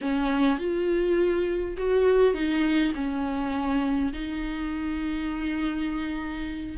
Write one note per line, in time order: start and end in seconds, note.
0.01 0.59 C#4
0.59 1.76 F4
1.77 2.34 F#4
2.34 2.93 D#4
2.94 4.12 C#4
4.12 6.77 D#4